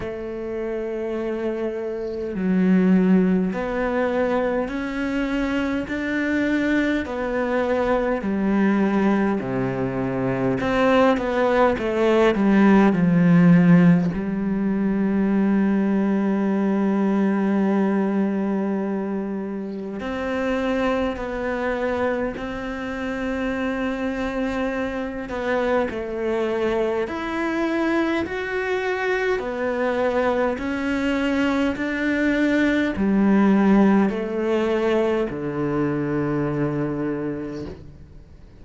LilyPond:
\new Staff \with { instrumentName = "cello" } { \time 4/4 \tempo 4 = 51 a2 fis4 b4 | cis'4 d'4 b4 g4 | c4 c'8 b8 a8 g8 f4 | g1~ |
g4 c'4 b4 c'4~ | c'4. b8 a4 e'4 | fis'4 b4 cis'4 d'4 | g4 a4 d2 | }